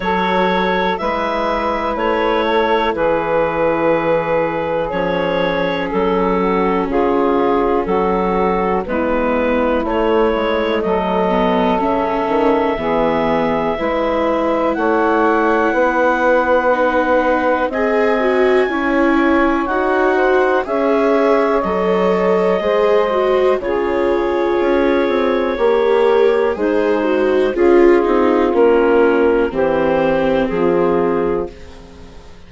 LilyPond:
<<
  \new Staff \with { instrumentName = "clarinet" } { \time 4/4 \tempo 4 = 61 cis''4 e''4 cis''4 b'4~ | b'4 cis''4 a'4 gis'4 | a'4 b'4 cis''4 dis''4 | e''2. fis''4~ |
fis''2 gis''2 | fis''4 e''4 dis''2 | cis''2. c''4 | gis'4 ais'4 c''4 gis'4 | }
  \new Staff \with { instrumentName = "saxophone" } { \time 4/4 a'4 b'4. a'8 gis'4~ | gis'2~ gis'8 fis'8 f'4 | fis'4 e'2 a'4~ | a'4 gis'4 b'4 cis''4 |
b'2 dis''4 cis''4~ | cis''8 c''8 cis''2 c''4 | gis'2 ais'4 dis'4 | f'2 g'4 f'4 | }
  \new Staff \with { instrumentName = "viola" } { \time 4/4 fis'4 e'2.~ | e'4 cis'2.~ | cis'4 b4 a4. b8 | cis'4 b4 e'2~ |
e'4 dis'4 gis'8 fis'8 e'4 | fis'4 gis'4 a'4 gis'8 fis'8 | f'2 g'4 gis'8 fis'8 | f'8 dis'8 cis'4 c'2 | }
  \new Staff \with { instrumentName = "bassoon" } { \time 4/4 fis4 gis4 a4 e4~ | e4 f4 fis4 cis4 | fis4 gis4 a8 gis8 fis4 | cis8 dis8 e4 gis4 a4 |
b2 c'4 cis'4 | dis'4 cis'4 fis4 gis4 | cis4 cis'8 c'8 ais4 gis4 | cis'8 c'8 ais4 e4 f4 | }
>>